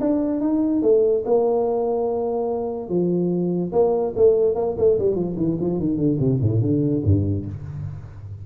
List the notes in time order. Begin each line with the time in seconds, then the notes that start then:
0.00 D4
0.40 D#4
0.82 A3
1.25 A#3
2.89 F3
3.72 A#3
4.15 A3
4.55 A#3
4.78 A3
4.98 G3
5.15 F3
5.37 E3
5.60 F3
5.79 D#3
5.97 D3
6.19 C3
6.41 A2
6.61 D3
7.04 G2